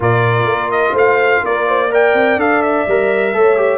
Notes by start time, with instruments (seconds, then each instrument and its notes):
0.00 tuba A#2, trombone F4, horn A#4, trumpet D5
0.45 tuba A#3
0.71 trumpet D#5
0.92 tuba A3, horn C5, trumpet F5
1.43 tuba A#3, horn A#4, trumpet D5
1.67 horn C5
1.90 trombone A#4, horn D5, trumpet G5
2.14 tuba C4
2.36 tuba D4, trombone A4, trumpet F5
2.62 trumpet E5
2.87 tuba G3, trombone A#4
3.33 tuba A3, trombone A4, horn C#5
3.57 trombone G4